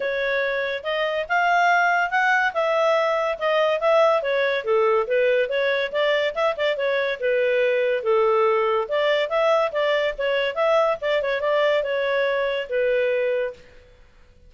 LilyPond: \new Staff \with { instrumentName = "clarinet" } { \time 4/4 \tempo 4 = 142 cis''2 dis''4 f''4~ | f''4 fis''4 e''2 | dis''4 e''4 cis''4 a'4 | b'4 cis''4 d''4 e''8 d''8 |
cis''4 b'2 a'4~ | a'4 d''4 e''4 d''4 | cis''4 e''4 d''8 cis''8 d''4 | cis''2 b'2 | }